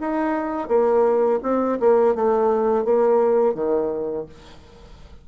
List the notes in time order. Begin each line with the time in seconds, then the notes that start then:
0.00 D#4
0.68 A#3
1.43 C4
1.80 A#3
2.15 A3
2.84 A#3
3.54 D#3